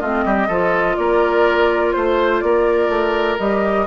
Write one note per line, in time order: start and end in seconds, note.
0.00 0.25 A3
0.00 0.50 C4
0.00 0.24 F4
0.00 0.97 D#5
0.25 0.49 G3
0.25 0.48 G4
0.48 0.97 F3
0.48 3.40 F4
0.48 0.96 A4
0.97 1.95 A#3
0.97 1.95 A#4
0.97 1.93 D5
1.93 2.43 A3
1.93 2.41 C5
1.93 2.44 C5
2.41 2.89 A#3
2.41 3.87 A#4
2.41 3.37 D5
2.89 3.37 A3
3.39 3.87 G3
3.39 3.87 G4
3.39 3.87 D#5